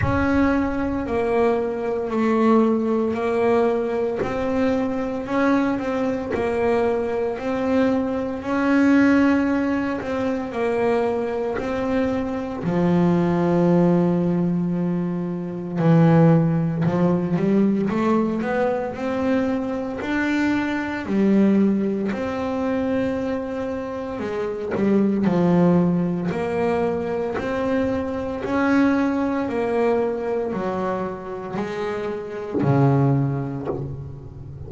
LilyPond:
\new Staff \with { instrumentName = "double bass" } { \time 4/4 \tempo 4 = 57 cis'4 ais4 a4 ais4 | c'4 cis'8 c'8 ais4 c'4 | cis'4. c'8 ais4 c'4 | f2. e4 |
f8 g8 a8 b8 c'4 d'4 | g4 c'2 gis8 g8 | f4 ais4 c'4 cis'4 | ais4 fis4 gis4 cis4 | }